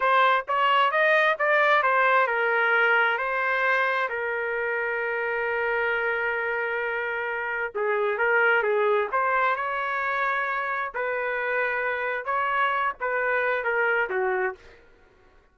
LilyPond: \new Staff \with { instrumentName = "trumpet" } { \time 4/4 \tempo 4 = 132 c''4 cis''4 dis''4 d''4 | c''4 ais'2 c''4~ | c''4 ais'2.~ | ais'1~ |
ais'4 gis'4 ais'4 gis'4 | c''4 cis''2. | b'2. cis''4~ | cis''8 b'4. ais'4 fis'4 | }